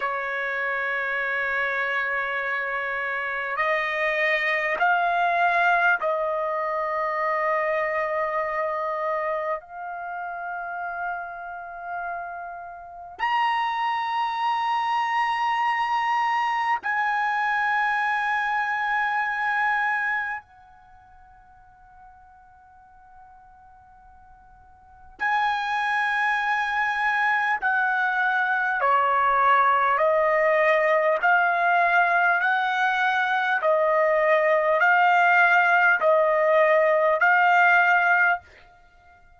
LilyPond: \new Staff \with { instrumentName = "trumpet" } { \time 4/4 \tempo 4 = 50 cis''2. dis''4 | f''4 dis''2. | f''2. ais''4~ | ais''2 gis''2~ |
gis''4 fis''2.~ | fis''4 gis''2 fis''4 | cis''4 dis''4 f''4 fis''4 | dis''4 f''4 dis''4 f''4 | }